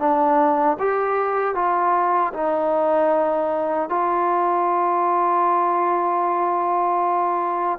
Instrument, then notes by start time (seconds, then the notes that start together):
trombone
0.00 D4
0.80 G4
1.55 F4
2.34 D#4
3.90 F4